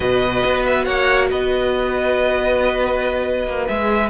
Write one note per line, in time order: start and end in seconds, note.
0.00 0.43 B2
0.00 3.67 F#4
0.00 0.84 B4
0.00 0.65 D#5
0.45 0.87 B3
0.65 0.84 E5
0.84 1.30 A#3
0.84 1.27 C#5
0.84 1.28 F#5
1.30 3.46 B3
1.30 4.09 B4
1.30 3.67 D#5
3.46 3.68 A#3
3.67 4.09 G#3
3.67 4.09 G#4
3.67 4.09 E5